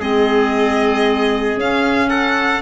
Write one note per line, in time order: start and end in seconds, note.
0.00 1.57 G#3
0.00 1.59 C4
0.00 2.10 G#4
0.00 1.60 D#5
1.57 2.62 C#4
1.57 2.09 F5
2.09 2.62 A4
2.09 2.62 F#5